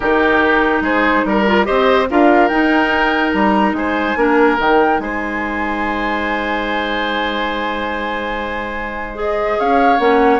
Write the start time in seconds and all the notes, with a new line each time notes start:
0.00 D#3 D#4 G4 A#4
0.81 G#3 G#4 C5
1.25 G3 A#4
1.47 F4
1.64 C4 G4 C5 D#5
2.09 D4 F4 A#4 F5
2.48 D#4 G5
3.32 G3 A#5
3.72 G#3 C5 G#5
4.16 A#3 D4 A#4
4.57 D#3 D#4 G5
4.98 G#3 C5 G#5
9.15 G#4 D#5
9.58 C#4 C#5 F5
9.99 A#3 C#4 F#5